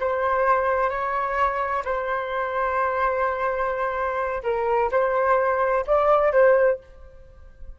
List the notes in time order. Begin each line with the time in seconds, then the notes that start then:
0.00 C5
0.90 C#5
1.85 C5
4.43 A#4
4.91 C5
5.87 D5
6.32 C5